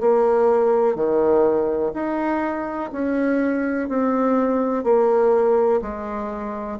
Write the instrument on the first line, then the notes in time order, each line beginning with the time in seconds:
bassoon
0.00 A#3
0.95 D#3
1.94 D#4
2.92 C#4
3.88 C4
4.84 A#3
5.82 G#3